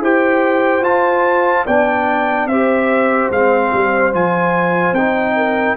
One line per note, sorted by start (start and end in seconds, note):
0.00 0.81 E4
0.00 0.84 G4
0.00 1.66 C5
0.00 0.84 G5
0.81 1.63 F4
0.81 1.66 F4
0.81 1.66 A5
1.66 2.46 B3
1.66 2.51 D4
1.66 2.48 D5
1.66 2.47 G5
2.46 3.28 C4
2.46 3.33 G4
2.46 5.36 C5
2.46 3.29 E5
3.30 3.71 G#3
3.30 4.13 C4
3.30 4.14 F5
3.73 4.13 G3
4.13 4.92 F3
4.13 4.95 F4
4.13 4.94 G#5
4.92 5.74 C4
4.92 5.77 D#4
4.92 5.76 G5
5.36 5.77 A#4